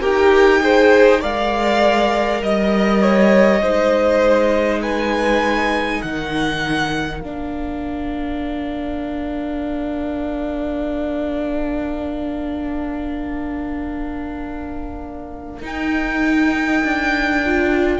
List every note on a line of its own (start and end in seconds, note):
0.00 1.23 D#4
0.00 0.60 G4
0.00 0.60 A#4
0.00 1.21 G5
0.60 1.20 G#4
0.60 1.21 C5
1.21 2.41 G#3
1.21 3.61 A#4
1.21 2.41 D5
1.21 2.42 F5
2.41 3.60 G3
2.41 4.82 D#5
2.41 3.02 D#5
3.02 3.62 C#5
3.60 6.00 G#3
3.60 7.22 D#4
3.60 4.81 C5
4.81 6.01 B4
4.81 6.02 G#5
6.01 7.21 D#3
6.01 17.99 A#4
6.01 7.20 F#5
7.20 15.61 A#3
7.20 15.61 D4
7.20 15.60 F5
15.61 17.41 D#4
15.61 16.82 D#4
15.61 17.99 G5
16.83 17.99 D4
17.45 17.99 F4